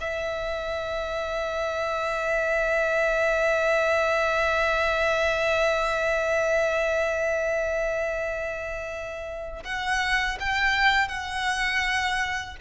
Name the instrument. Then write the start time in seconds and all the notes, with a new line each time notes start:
violin
0.00 E5
9.64 F#5
10.40 G5
11.08 F#5